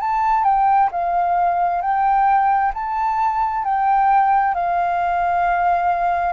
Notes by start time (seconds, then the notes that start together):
0.00 A5
0.44 G5
0.92 F5
1.81 G5
2.74 A5
3.64 G5
4.55 F5